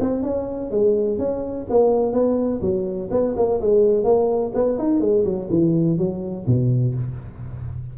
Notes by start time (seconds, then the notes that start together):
0.00 C4
0.23 C#4
0.71 G#3
1.18 C#4
1.69 A#3
2.13 B3
2.61 F#3
3.11 B3
3.36 A#3
3.61 G#3
4.04 A#3
4.54 B3
4.78 D#4
5.00 G#3
5.24 F#3
5.50 E3
5.98 F#3
6.46 B2